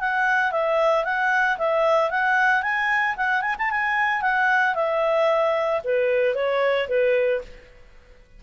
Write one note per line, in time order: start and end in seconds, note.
0.00 0.52 F#5
0.52 1.04 E5
1.04 1.57 F#5
1.58 2.10 E5
2.10 2.62 F#5
2.62 3.15 G#5
3.17 3.42 F#5
3.42 3.55 G#5
3.58 3.70 A5
3.70 4.21 G#5
4.21 4.74 F#5
4.75 5.81 E5
5.84 6.35 B4
6.35 6.88 C#5
6.88 7.41 B4